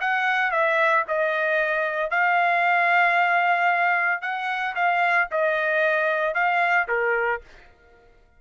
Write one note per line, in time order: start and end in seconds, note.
0.00 0.51 F#5
0.51 1.04 E5
1.08 2.10 D#5
2.10 4.21 F5
4.21 4.74 F#5
4.75 5.28 F5
5.31 6.34 D#5
6.34 6.87 F5
6.88 7.41 A#4